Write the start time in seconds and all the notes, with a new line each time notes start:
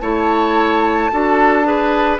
0.00 A3 E4 C#5 A5
1.12 D4 F#4 A4
1.64 G#4 B4